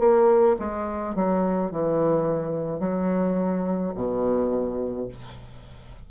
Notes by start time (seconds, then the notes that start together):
0.00 A#3
0.60 G#3
1.16 F#3
1.72 E3
2.80 F#3
3.95 B2